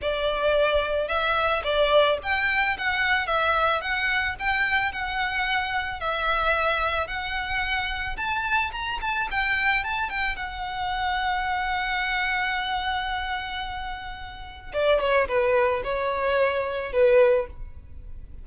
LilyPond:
\new Staff \with { instrumentName = "violin" } { \time 4/4 \tempo 4 = 110 d''2 e''4 d''4 | g''4 fis''4 e''4 fis''4 | g''4 fis''2 e''4~ | e''4 fis''2 a''4 |
ais''8 a''8 g''4 a''8 g''8 fis''4~ | fis''1~ | fis''2. d''8 cis''8 | b'4 cis''2 b'4 | }